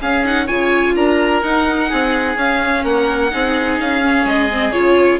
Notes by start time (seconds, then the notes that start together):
0.00 C#4 G#4 F5
0.25 D#4 F#5
0.46 C#3 F4 C#5 G#5
0.95 D4 A#4 A#5
1.42 D#4 F#5
1.89 C4 G#4
2.35 C#4 F5
2.84 A#3 A#4 F#5
3.31 C4 D#4 G#4
3.80 C#4 F5
4.02 C#4
4.25 G#3 D#5
4.51 C4
4.72 C#3 F4 C#5